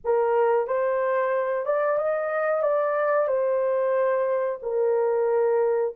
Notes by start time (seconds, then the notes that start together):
0.04 A#4
0.67 C5
1.65 D5
1.98 D#5
2.62 D5
3.27 C5
4.62 A#4